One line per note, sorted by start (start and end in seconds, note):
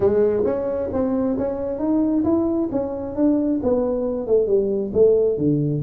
0.00 0.43 G#3
0.44 0.89 C#4
0.93 1.37 C4
1.38 1.78 C#4
1.78 2.23 D#4
2.24 2.69 E4
2.71 3.15 C#4
3.15 3.60 D4
3.62 4.26 B3
4.26 4.46 A3
4.46 4.91 G3
4.93 5.37 A3
5.37 5.82 D3